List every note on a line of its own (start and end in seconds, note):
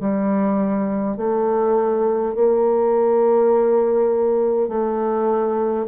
0.00 1.17 G3
1.17 2.35 A3
2.35 4.68 A#3
4.68 5.86 A3